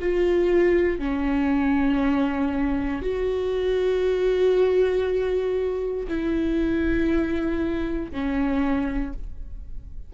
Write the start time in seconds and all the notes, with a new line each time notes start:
0.00 F4
0.99 C#4
3.02 F#4
6.08 E4
8.12 C#4